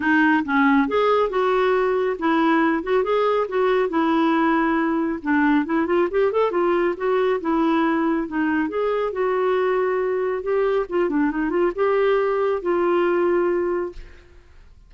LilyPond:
\new Staff \with { instrumentName = "clarinet" } { \time 4/4 \tempo 4 = 138 dis'4 cis'4 gis'4 fis'4~ | fis'4 e'4. fis'8 gis'4 | fis'4 e'2. | d'4 e'8 f'8 g'8 a'8 f'4 |
fis'4 e'2 dis'4 | gis'4 fis'2. | g'4 f'8 d'8 dis'8 f'8 g'4~ | g'4 f'2. | }